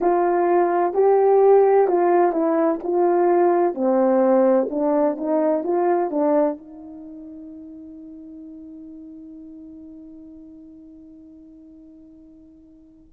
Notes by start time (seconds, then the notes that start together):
0.00 F4
0.93 G4
1.87 F4
2.31 E4
2.83 F4
3.74 C4
4.70 D4
5.16 D#4
5.63 F4
6.10 D4
6.57 D#4